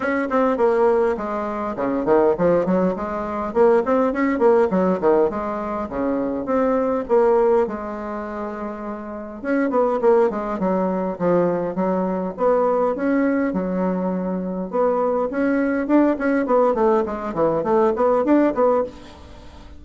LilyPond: \new Staff \with { instrumentName = "bassoon" } { \time 4/4 \tempo 4 = 102 cis'8 c'8 ais4 gis4 cis8 dis8 | f8 fis8 gis4 ais8 c'8 cis'8 ais8 | fis8 dis8 gis4 cis4 c'4 | ais4 gis2. |
cis'8 b8 ais8 gis8 fis4 f4 | fis4 b4 cis'4 fis4~ | fis4 b4 cis'4 d'8 cis'8 | b8 a8 gis8 e8 a8 b8 d'8 b8 | }